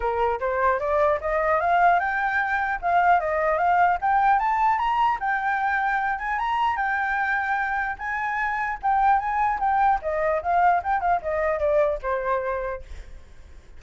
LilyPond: \new Staff \with { instrumentName = "flute" } { \time 4/4 \tempo 4 = 150 ais'4 c''4 d''4 dis''4 | f''4 g''2 f''4 | dis''4 f''4 g''4 a''4 | ais''4 g''2~ g''8 gis''8 |
ais''4 g''2. | gis''2 g''4 gis''4 | g''4 dis''4 f''4 g''8 f''8 | dis''4 d''4 c''2 | }